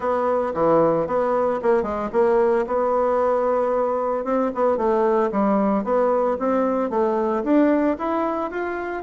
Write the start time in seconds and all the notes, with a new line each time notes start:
0.00 B3
0.53 E3
1.06 B3
1.62 A#3
1.82 G#3
2.12 A#3
2.66 B3
4.24 C4
4.54 B3
4.77 A3
5.31 G3
5.84 B3
6.39 C4
6.90 A3
7.43 D4
7.98 E4
8.50 F4